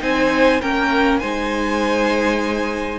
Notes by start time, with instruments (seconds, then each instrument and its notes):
0.00 cello C4, viola D#4, violin C5 G#5
0.61 cello A#3, viola C#4, violin A#4 G5
1.19 cello G#3, viola D#4, violin C5 G#5